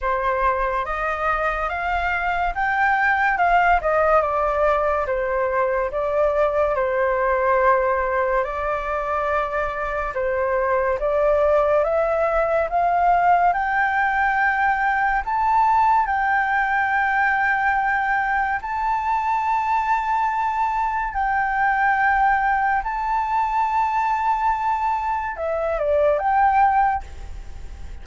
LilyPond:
\new Staff \with { instrumentName = "flute" } { \time 4/4 \tempo 4 = 71 c''4 dis''4 f''4 g''4 | f''8 dis''8 d''4 c''4 d''4 | c''2 d''2 | c''4 d''4 e''4 f''4 |
g''2 a''4 g''4~ | g''2 a''2~ | a''4 g''2 a''4~ | a''2 e''8 d''8 g''4 | }